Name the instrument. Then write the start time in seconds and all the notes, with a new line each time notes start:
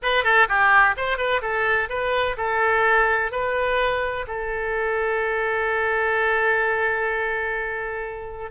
oboe
0.02 B4
0.23 A4
0.48 G4
0.96 C5
1.17 B4
1.41 A4
1.89 B4
2.37 A4
3.31 B4
4.27 A4